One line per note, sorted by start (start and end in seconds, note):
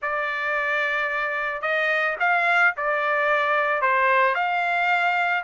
0.01 1.61 D5
1.61 2.16 D#5
2.19 2.74 F5
2.77 3.81 D5
3.81 4.34 C5
4.34 5.43 F5